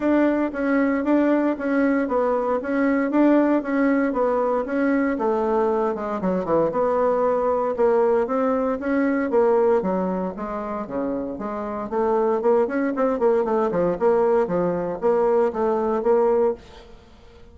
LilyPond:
\new Staff \with { instrumentName = "bassoon" } { \time 4/4 \tempo 4 = 116 d'4 cis'4 d'4 cis'4 | b4 cis'4 d'4 cis'4 | b4 cis'4 a4. gis8 | fis8 e8 b2 ais4 |
c'4 cis'4 ais4 fis4 | gis4 cis4 gis4 a4 | ais8 cis'8 c'8 ais8 a8 f8 ais4 | f4 ais4 a4 ais4 | }